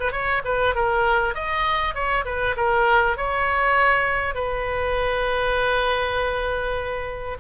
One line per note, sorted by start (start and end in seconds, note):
0.00 0.12 B4
0.12 0.42 C#5
0.45 0.75 B4
0.75 1.34 A#4
1.34 1.94 D#5
1.94 2.25 C#5
2.25 2.55 B4
2.56 3.17 A#4
3.17 4.34 C#5
4.34 7.37 B4